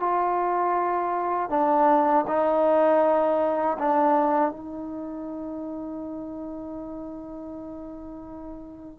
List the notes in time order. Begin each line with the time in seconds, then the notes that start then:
0.00 F4
1.50 D4
2.27 D#4
3.78 D4
4.51 D#4